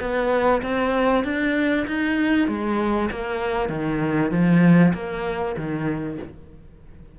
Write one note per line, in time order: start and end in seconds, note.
0.00 0.62 B3
0.62 1.24 C4
1.24 1.86 D4
1.87 2.47 D#4
2.47 3.09 G#3
3.11 3.69 A#3
3.69 4.31 D#3
4.31 4.93 F3
4.94 5.56 A#3
5.56 6.18 D#3